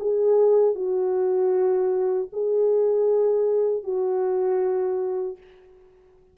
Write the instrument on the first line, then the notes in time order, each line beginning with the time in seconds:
horn
0.00 G#4
0.75 F#4
2.33 G#4
3.84 F#4